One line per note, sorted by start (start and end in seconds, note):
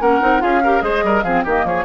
0.00 0.21 A#3
0.00 0.21 C#4
0.00 0.42 A#4
0.00 0.41 F#5
0.21 0.42 C4
0.21 0.39 D#4
0.39 0.81 C#4
0.39 0.60 F4
0.39 0.62 G#4
0.39 0.81 F5
0.63 0.80 G4
0.63 0.83 A#4
0.80 1.02 G#3
0.80 1.21 G#4
0.80 1.04 C5
0.80 1.22 D#5
1.03 1.23 G3
1.03 1.23 A#4
1.22 1.44 F3
1.22 1.46 C4
1.22 1.44 G#4
1.22 1.43 F5
1.44 1.64 D#3
1.44 1.84 A#3
1.44 1.64 G4
1.44 1.66 D#5
1.64 1.84 F3
1.64 1.84 G#4
1.64 1.84 C#5